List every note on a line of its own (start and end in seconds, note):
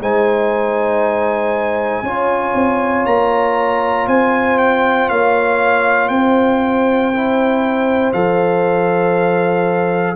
0.00 2.02 G#3
0.00 2.03 D#4
0.00 2.04 C5
0.00 3.06 G#5
2.02 2.53 C#4
2.02 7.12 F4
2.02 4.07 C#5
2.54 3.05 C4
3.06 4.07 A#3
3.06 4.07 A#5
4.07 5.09 C4
4.07 5.08 C5
4.07 4.58 G#5
4.58 5.08 G5
5.08 6.09 A#3
5.08 6.10 C#5
5.08 6.08 F5
6.08 8.12 C4
6.08 10.15 C5
6.08 8.11 G5
7.14 8.14 E4
8.12 10.15 F3
8.12 10.15 A4
8.12 10.15 F5